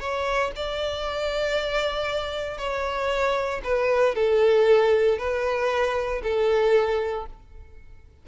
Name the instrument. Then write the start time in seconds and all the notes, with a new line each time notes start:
violin
0.00 C#5
0.56 D5
2.58 C#5
3.64 B4
4.15 A4
5.18 B4
6.23 A4